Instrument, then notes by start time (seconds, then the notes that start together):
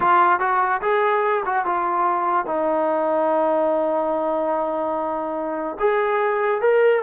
trombone
0.00 F4
0.39 F#4
0.81 G#4
1.45 F#4
1.65 F4
2.46 D#4
5.79 G#4
6.61 A#4